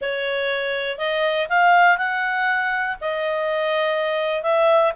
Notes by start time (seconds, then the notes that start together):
0.01 C#5
0.97 D#5
1.49 F5
1.97 F#5
3.00 D#5
4.42 E5